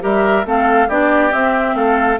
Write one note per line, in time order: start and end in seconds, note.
0.00 0.45 G3
0.00 0.43 G4
0.00 0.46 A#4
0.00 0.47 E5
0.44 0.88 A3
0.44 0.88 C4
0.44 0.88 A4
0.44 0.89 F5
0.88 1.32 B3
0.88 1.31 D4
0.88 1.75 G4
0.88 1.33 D5
1.31 2.18 C4
1.31 1.75 C4
1.31 1.76 E5
1.75 2.18 A3
1.75 2.20 A4
1.75 2.19 F5